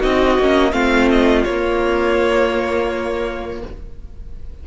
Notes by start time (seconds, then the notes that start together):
0.00 C4 D#4 F#4 D#5
0.39 A#3 C#4
0.72 A3 C4 F4 F5
1.11 D#5
1.44 A#3 C#5
1.51 A#3